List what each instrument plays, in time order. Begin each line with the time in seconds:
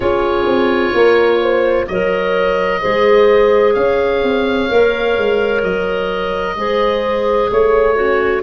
0.00 tuba C#4, clarinet F4, horn G#4, oboe C#5
0.46 tuba C4
0.94 tuba A#3, horn A#4
1.40 horn C5
1.87 tuba F#3, clarinet A#4, horn C#5, oboe D#5
2.81 tuba G#3, clarinet G#4, horn C5
3.74 tuba C#4, horn C#5, oboe F5
4.23 tuba C4
4.68 tuba A#3, clarinet A#4
5.17 tuba G#3
5.63 tuba F#3, oboe D#5
6.55 tuba G#3, clarinet G#4, horn C5
7.51 tuba A3, horn C#5, oboe C#5
7.95 horn C#4, clarinet F#4